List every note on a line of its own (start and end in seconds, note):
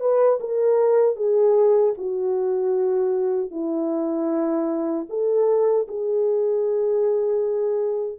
0.00 0.39 B4
0.40 1.16 A#4
1.16 1.94 G#4
1.98 3.51 F#4
3.51 5.07 E4
5.09 5.87 A4
5.88 8.19 G#4